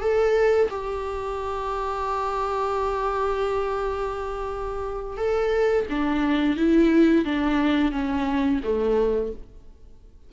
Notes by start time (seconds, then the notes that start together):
0.00 A4
0.70 G4
5.17 A4
5.90 D4
6.56 E4
7.24 D4
7.91 C#4
8.63 A3